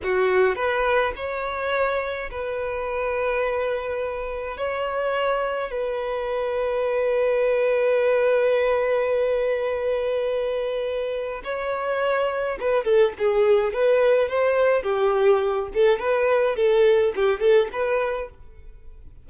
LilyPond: \new Staff \with { instrumentName = "violin" } { \time 4/4 \tempo 4 = 105 fis'4 b'4 cis''2 | b'1 | cis''2 b'2~ | b'1~ |
b'1 | cis''2 b'8 a'8 gis'4 | b'4 c''4 g'4. a'8 | b'4 a'4 g'8 a'8 b'4 | }